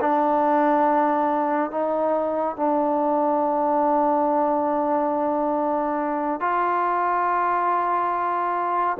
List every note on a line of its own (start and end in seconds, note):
0.00 1.71 D4
1.71 2.56 D#4
2.56 6.40 D4
6.40 8.97 F4